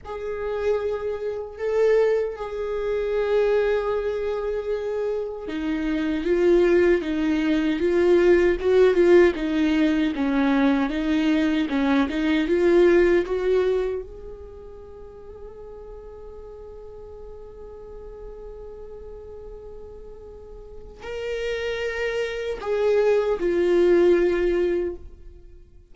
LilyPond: \new Staff \with { instrumentName = "viola" } { \time 4/4 \tempo 4 = 77 gis'2 a'4 gis'4~ | gis'2. dis'4 | f'4 dis'4 f'4 fis'8 f'8 | dis'4 cis'4 dis'4 cis'8 dis'8 |
f'4 fis'4 gis'2~ | gis'1~ | gis'2. ais'4~ | ais'4 gis'4 f'2 | }